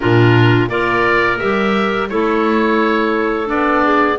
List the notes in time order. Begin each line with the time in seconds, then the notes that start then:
0.00 A#2 D4 F4 A#4
0.68 A#3 F4 A#4 D5
1.38 G3 G4 E5
2.09 A3 E4 A4 C#5
3.45 B3 D4 D5
3.84 G#4